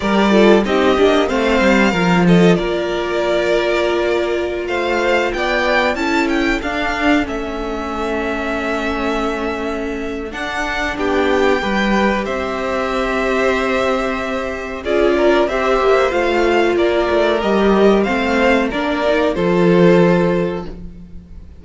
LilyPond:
<<
  \new Staff \with { instrumentName = "violin" } { \time 4/4 \tempo 4 = 93 d''4 dis''4 f''4. dis''8 | d''2.~ d''16 f''8.~ | f''16 g''4 a''8 g''8 f''4 e''8.~ | e''1 |
fis''4 g''2 e''4~ | e''2. d''4 | e''4 f''4 d''4 dis''4 | f''4 d''4 c''2 | }
  \new Staff \with { instrumentName = "violin" } { \time 4/4 ais'8 a'8 g'4 c''4 ais'8 a'8 | ais'2.~ ais'16 c''8.~ | c''16 d''4 a'2~ a'8.~ | a'1~ |
a'4 g'4 b'4 c''4~ | c''2. gis'8 ais'8 | c''2 ais'2 | c''4 ais'4 a'2 | }
  \new Staff \with { instrumentName = "viola" } { \time 4/4 g'8 f'8 dis'8 d'8 c'4 f'4~ | f'1~ | f'4~ f'16 e'4 d'4 cis'8.~ | cis'1 |
d'2 g'2~ | g'2. f'4 | g'4 f'2 g'4 | c'4 d'8 dis'8 f'2 | }
  \new Staff \with { instrumentName = "cello" } { \time 4/4 g4 c'8 ais8 a8 g8 f4 | ais2.~ ais16 a8.~ | a16 b4 cis'4 d'4 a8.~ | a1 |
d'4 b4 g4 c'4~ | c'2. cis'4 | c'8 ais8 a4 ais8 a8 g4 | a4 ais4 f2 | }
>>